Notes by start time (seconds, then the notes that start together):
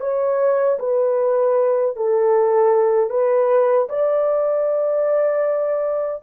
0.00 C#5
0.79 B4
1.96 A4
3.10 B4
3.89 D5